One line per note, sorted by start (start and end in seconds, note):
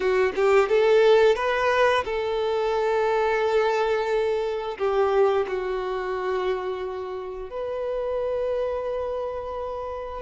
0.00 0.32 F#4
0.35 0.68 G4
0.68 1.35 A4
1.35 2.03 B4
2.05 4.77 A4
4.77 5.45 G4
5.47 7.50 F#4
7.50 10.22 B4